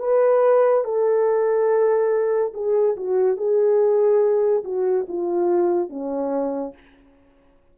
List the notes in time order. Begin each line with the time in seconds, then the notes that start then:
0.00 B4
0.85 A4
2.54 G#4
2.97 F#4
3.38 G#4
4.64 F#4
5.09 F4
5.90 C#4